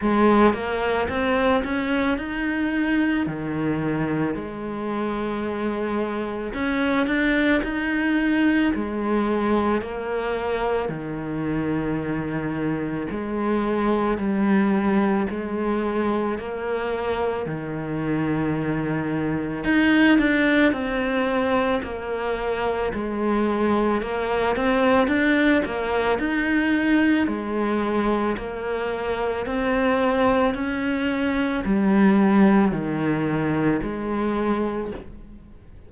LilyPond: \new Staff \with { instrumentName = "cello" } { \time 4/4 \tempo 4 = 55 gis8 ais8 c'8 cis'8 dis'4 dis4 | gis2 cis'8 d'8 dis'4 | gis4 ais4 dis2 | gis4 g4 gis4 ais4 |
dis2 dis'8 d'8 c'4 | ais4 gis4 ais8 c'8 d'8 ais8 | dis'4 gis4 ais4 c'4 | cis'4 g4 dis4 gis4 | }